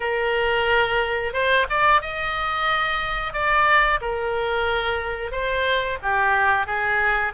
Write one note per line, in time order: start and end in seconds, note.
0.00 1.33 A#4
1.33 1.66 C5
1.69 2.02 D5
2.02 3.33 D#5
3.33 3.99 D5
4.01 5.31 A#4
5.31 5.98 C5
6.02 6.66 G4
6.66 7.32 G#4